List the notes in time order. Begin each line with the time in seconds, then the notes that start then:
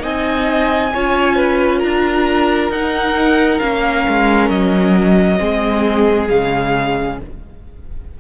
0.00 C4 D#4 D#5 G#5
0.93 C#4 F4 C#5
1.36 B4
1.79 D4 A#4 A#5
2.70 D#4 F#5
3.59 A#3 C#4 F5
4.08 G#3
4.49 F#3 D#5
5.38 G#3 C4 G#4
6.29 C#3 G#3 F5